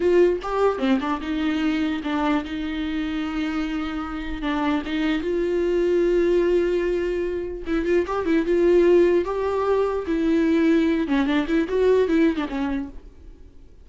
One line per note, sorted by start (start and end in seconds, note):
0.00 0.39 F4
0.42 0.78 G4
0.78 0.98 C4
1.00 1.20 D4
1.21 2.01 D#4
2.03 2.44 D4
2.44 4.42 D#4
4.42 4.82 D4
4.85 5.21 D#4
5.21 7.63 F4
7.66 7.85 E4
7.85 8.05 F4
8.06 8.25 G4
8.25 8.45 E4
8.45 9.25 F4
9.25 10.05 G4
10.07 11.07 E4
11.07 11.26 C#4
11.26 11.46 D4
11.47 11.67 E4
11.68 12.08 F#4
12.08 12.36 E4
12.36 12.46 D4
12.48 12.89 C#4